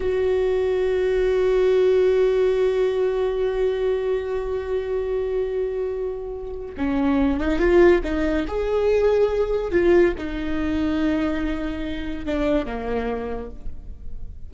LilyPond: \new Staff \with { instrumentName = "viola" } { \time 4/4 \tempo 4 = 142 fis'1~ | fis'1~ | fis'1~ | fis'1 |
cis'4. dis'8 f'4 dis'4 | gis'2. f'4 | dis'1~ | dis'4 d'4 ais2 | }